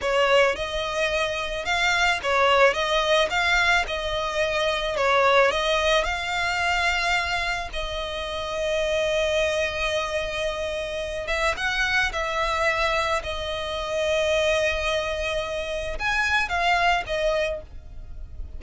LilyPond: \new Staff \with { instrumentName = "violin" } { \time 4/4 \tempo 4 = 109 cis''4 dis''2 f''4 | cis''4 dis''4 f''4 dis''4~ | dis''4 cis''4 dis''4 f''4~ | f''2 dis''2~ |
dis''1~ | dis''8 e''8 fis''4 e''2 | dis''1~ | dis''4 gis''4 f''4 dis''4 | }